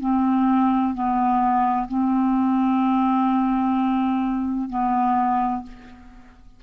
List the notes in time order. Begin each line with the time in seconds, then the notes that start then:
0.00 C4
0.94 B3
1.88 C4
4.69 B3